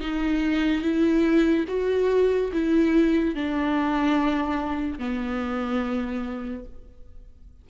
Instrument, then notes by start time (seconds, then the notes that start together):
viola
0.00 D#4
0.81 E4
1.68 F#4
2.52 E4
3.34 D4
4.98 B3